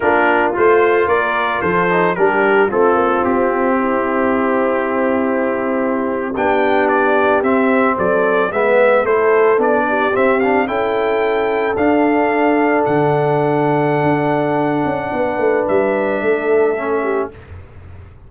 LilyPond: <<
  \new Staff \with { instrumentName = "trumpet" } { \time 4/4 \tempo 4 = 111 ais'4 c''4 d''4 c''4 | ais'4 a'4 g'2~ | g'2.~ g'8. g''16~ | g''8. d''4 e''4 d''4 e''16~ |
e''8. c''4 d''4 e''8 f''8 g''16~ | g''4.~ g''16 f''2 fis''16~ | fis''1~ | fis''4 e''2. | }
  \new Staff \with { instrumentName = "horn" } { \time 4/4 f'2 ais'4 a'4 | g'4 f'2 e'4~ | e'2.~ e'8. g'16~ | g'2~ g'8. a'4 b'16~ |
b'8. a'4. g'4. a'16~ | a'1~ | a'1 | b'2 a'4. g'8 | }
  \new Staff \with { instrumentName = "trombone" } { \time 4/4 d'4 f'2~ f'8 dis'8 | d'4 c'2.~ | c'2.~ c'8. d'16~ | d'4.~ d'16 c'2 b16~ |
b8. e'4 d'4 c'8 d'8 e'16~ | e'4.~ e'16 d'2~ d'16~ | d'1~ | d'2. cis'4 | }
  \new Staff \with { instrumentName = "tuba" } { \time 4/4 ais4 a4 ais4 f4 | g4 a8 ais8 c'2~ | c'2.~ c'8. b16~ | b4.~ b16 c'4 fis4 gis16~ |
gis8. a4 b4 c'4 cis'16~ | cis'4.~ cis'16 d'2 d16~ | d2 d'4. cis'8 | b8 a8 g4 a2 | }
>>